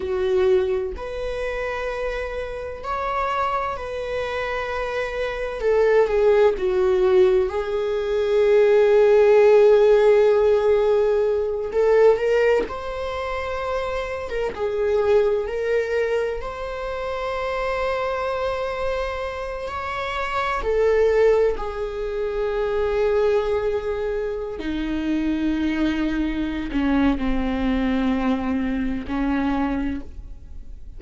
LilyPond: \new Staff \with { instrumentName = "viola" } { \time 4/4 \tempo 4 = 64 fis'4 b'2 cis''4 | b'2 a'8 gis'8 fis'4 | gis'1~ | gis'8 a'8 ais'8 c''4.~ c''16 ais'16 gis'8~ |
gis'8 ais'4 c''2~ c''8~ | c''4 cis''4 a'4 gis'4~ | gis'2~ gis'16 dis'4.~ dis'16~ | dis'8 cis'8 c'2 cis'4 | }